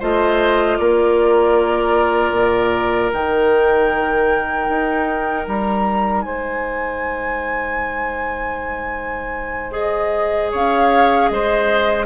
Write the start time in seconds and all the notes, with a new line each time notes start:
0.00 A3 F4 C5 D#5
0.78 A#3 A#4 D5
2.33 A#2
3.11 D#3 D#4 G5
4.69 D#4
5.48 G3 A#5
6.22 G#3 C5 G#5
9.72 G#4 D#5
10.52 C#4 C#5 F5
11.29 G#3 C5 D#5